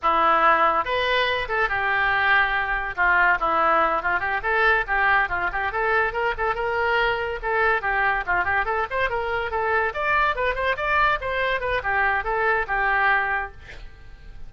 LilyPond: \new Staff \with { instrumentName = "oboe" } { \time 4/4 \tempo 4 = 142 e'2 b'4. a'8 | g'2. f'4 | e'4. f'8 g'8 a'4 g'8~ | g'8 f'8 g'8 a'4 ais'8 a'8 ais'8~ |
ais'4. a'4 g'4 f'8 | g'8 a'8 c''8 ais'4 a'4 d''8~ | d''8 b'8 c''8 d''4 c''4 b'8 | g'4 a'4 g'2 | }